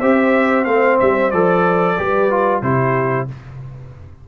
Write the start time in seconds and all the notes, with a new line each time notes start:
0.00 C4 G4 C5 E5
0.64 A3 C4 F5
0.99 G3 E5
1.30 F3 A4 D5
1.96 G3 G4 B4
2.30 F4
2.62 C3 E4 G4 C5